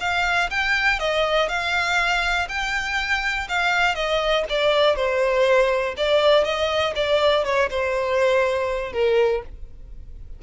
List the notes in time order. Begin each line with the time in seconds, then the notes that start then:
0.00 F5
0.50 G5
0.99 D#5
1.49 F5
2.49 G5
3.49 F5
3.95 D#5
4.49 D5
4.96 C5
5.97 D5
6.44 D#5
6.95 D5
7.44 C#5
7.70 C5
8.93 A#4